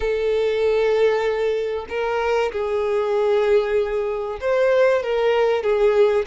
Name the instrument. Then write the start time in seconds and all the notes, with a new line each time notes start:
violin
0.00 A4
1.89 A#4
2.52 G#4
4.40 C5
5.03 A#4
5.62 G#4